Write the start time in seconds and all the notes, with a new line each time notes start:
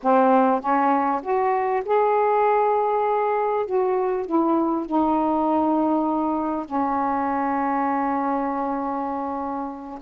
0.02 C4
0.60 C#4
1.22 F#4
1.85 G#4
3.65 F#4
4.26 E4
4.86 D#4
6.65 C#4